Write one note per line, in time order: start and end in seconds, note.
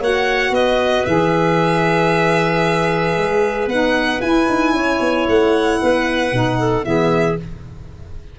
0.00 0.50 A#3
0.00 1.07 F#4
0.00 0.53 C#5
0.00 0.54 F#5
0.50 1.03 B3
0.50 4.74 B4
0.50 1.05 D#5
1.05 3.17 E3
1.05 3.70 G#4
1.05 3.69 E5
3.17 3.67 G#3
3.67 4.19 B3
3.67 4.22 D#4
3.67 4.21 F#5
4.21 4.47 E4
4.21 6.32 E4
4.21 5.26 G#5
4.49 4.73 D#4
4.73 4.99 C#4
4.73 5.80 C#5
5.00 5.27 B3
5.28 5.81 A3
5.28 6.85 F#5
5.81 6.32 B3
5.81 6.59 B4
6.32 6.85 B2
6.32 6.83 D#4
6.59 6.85 A4
6.83 7.38 E3
6.83 7.36 B3
6.83 7.39 G#4
6.83 7.37 E5